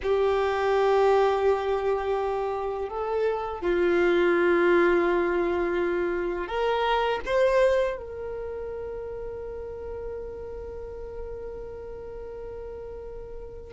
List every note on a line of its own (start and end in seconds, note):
0.02 2.88 G4
2.88 3.61 A4
3.61 6.47 F4
6.47 7.20 A#4
7.25 7.97 C5
7.97 13.73 A#4